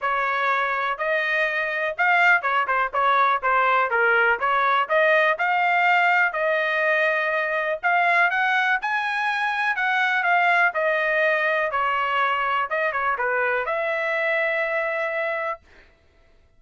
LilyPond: \new Staff \with { instrumentName = "trumpet" } { \time 4/4 \tempo 4 = 123 cis''2 dis''2 | f''4 cis''8 c''8 cis''4 c''4 | ais'4 cis''4 dis''4 f''4~ | f''4 dis''2. |
f''4 fis''4 gis''2 | fis''4 f''4 dis''2 | cis''2 dis''8 cis''8 b'4 | e''1 | }